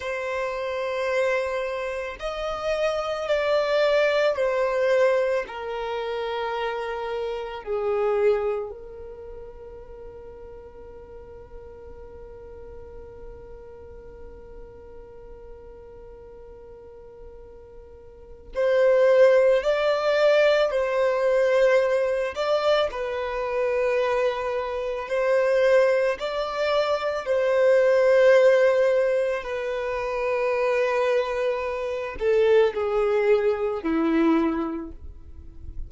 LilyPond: \new Staff \with { instrumentName = "violin" } { \time 4/4 \tempo 4 = 55 c''2 dis''4 d''4 | c''4 ais'2 gis'4 | ais'1~ | ais'1~ |
ais'4 c''4 d''4 c''4~ | c''8 d''8 b'2 c''4 | d''4 c''2 b'4~ | b'4. a'8 gis'4 e'4 | }